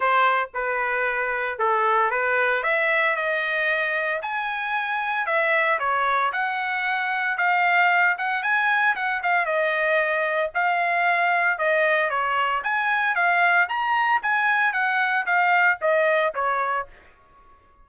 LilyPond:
\new Staff \with { instrumentName = "trumpet" } { \time 4/4 \tempo 4 = 114 c''4 b'2 a'4 | b'4 e''4 dis''2 | gis''2 e''4 cis''4 | fis''2 f''4. fis''8 |
gis''4 fis''8 f''8 dis''2 | f''2 dis''4 cis''4 | gis''4 f''4 ais''4 gis''4 | fis''4 f''4 dis''4 cis''4 | }